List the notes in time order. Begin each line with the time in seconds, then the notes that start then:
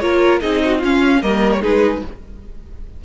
0.00 A#3 F4 A#4 C#5
0.41 C4 D#4 G#4 D#5
0.65 F#4
0.79 C#4 F4
0.85 F5
1.22 G3 A#3 A#4 D#5
1.52 C#5
1.62 G#3 D#4 G#4 B4